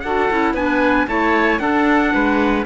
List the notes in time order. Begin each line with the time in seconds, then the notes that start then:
0.00 D4 F#4 A4 F#5
0.31 C#4 E4
0.54 B3 D4 B4 G#5
1.07 A3 E4 C#5 A5
1.59 D4 A4 F#5
2.14 G#3 B4